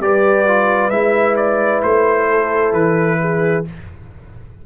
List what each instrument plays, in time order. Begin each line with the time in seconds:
0.00 tuba G3, trombone G4, horn B4, trumpet D5
0.47 trombone F4
0.90 tuba G#3, trombone E4, trumpet E5
1.36 trumpet D5
1.83 tuba A3, trumpet C5
2.29 horn A4
2.73 tuba E3, trumpet B4
3.20 horn G#4